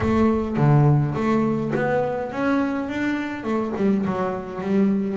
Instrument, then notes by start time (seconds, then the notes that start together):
double bass
0.00 A3
0.56 D3
1.14 A3
1.75 B3
2.31 C#4
2.88 D4
3.43 A3
3.76 G3
4.05 F#3
4.61 G3